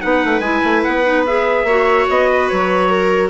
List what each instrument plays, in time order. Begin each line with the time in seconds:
0.00 bassoon B3, clarinet D#4, viola B4, trumpet F#5
0.24 bassoon A3
0.40 bassoon G#3, clarinet E4, trumpet G#5
0.64 bassoon A3
0.84 bassoon B3, trumpet F#5
1.04 clarinet D#4
1.26 clarinet G#4, trumpet E5
1.64 bassoon A#3, clarinet F#4, viola C#5
2.10 bassoon B3, trumpet D#5
2.29 viola B4
2.48 bassoon F#3, trumpet C#5
2.89 viola A#4